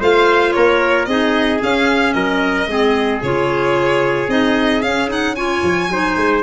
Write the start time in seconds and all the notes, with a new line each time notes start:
0.00 A3 F4 C5 F5
0.52 A#3 A#4 C#5
1.05 C4 D#4 G#4 D#5
1.60 C#4 F5
2.13 F#3 A#4 D#5
2.67 G#3 C4 G#4
3.22 C#3 F4 C#5
4.28 C4 D#4 D#5
4.82 C#4 F5
5.08 D#4 F#5
5.35 F4 C#5 G#5
5.63 F3
5.89 F#3 D#4 C5
6.16 G#3